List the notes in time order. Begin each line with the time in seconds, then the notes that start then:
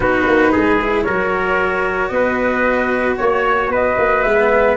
0.00 B3 D#4 F#4 B4
0.26 A#3
0.51 G#3 G#4
0.81 E4
1.02 F#3 F#4 A#4 C#5
2.08 B3 B4 D#5
3.16 A#3 C#5
3.68 B3 B4 D#5
3.98 A#3
4.22 G#3 B3 E5